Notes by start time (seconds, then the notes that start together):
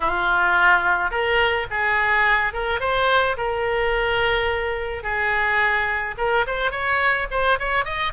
0.00 F4
1.10 A#4
1.70 G#4
2.53 A#4
2.80 C5
3.37 A#4
5.03 G#4
6.17 A#4
6.46 C5
6.71 C#5
7.30 C5
7.59 C#5
7.85 D#5